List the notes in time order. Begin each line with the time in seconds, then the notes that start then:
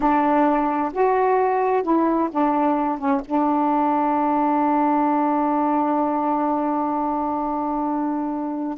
0.00 D4
0.93 F#4
1.83 E4
2.31 D4
2.98 C#4
3.25 D4